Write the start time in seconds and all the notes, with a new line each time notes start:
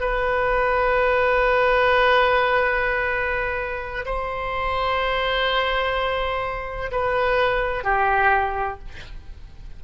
0.00 B4
4.05 C5
6.91 B4
7.84 G4